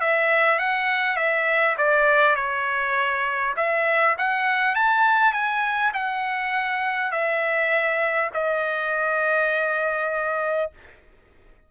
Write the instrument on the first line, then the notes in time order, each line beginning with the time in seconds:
trumpet
0.00 E5
0.59 F#5
1.16 E5
1.78 D5
2.35 C#5
3.56 E5
4.18 F#5
4.75 A5
5.33 G#5
5.94 F#5
7.12 E5
8.33 D#5